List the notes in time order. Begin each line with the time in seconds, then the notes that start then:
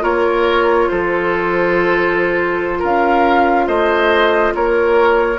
0.00 A#3 F4 A#4 C#5
0.89 F3 A4 C5
2.79 C#4 A#4 F5
3.68 A3 C5 D#5
4.55 A#3 A#4 C#5